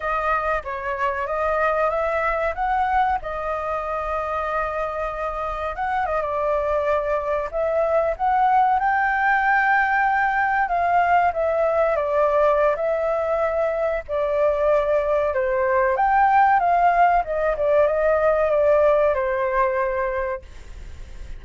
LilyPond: \new Staff \with { instrumentName = "flute" } { \time 4/4 \tempo 4 = 94 dis''4 cis''4 dis''4 e''4 | fis''4 dis''2.~ | dis''4 fis''8 dis''16 d''2 e''16~ | e''8. fis''4 g''2~ g''16~ |
g''8. f''4 e''4 d''4~ d''16 | e''2 d''2 | c''4 g''4 f''4 dis''8 d''8 | dis''4 d''4 c''2 | }